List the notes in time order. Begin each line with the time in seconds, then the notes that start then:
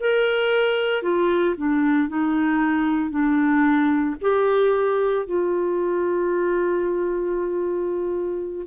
0.00 A#4
1.03 F4
1.57 D4
2.08 D#4
3.11 D4
4.21 G4
5.26 F4